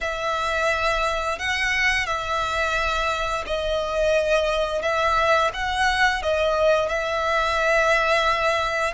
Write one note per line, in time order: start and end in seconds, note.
0.00 1.38 E5
1.38 2.06 F#5
2.06 3.44 E5
3.46 4.82 D#5
4.82 5.50 E5
5.53 6.22 F#5
6.22 6.88 D#5
6.88 8.94 E5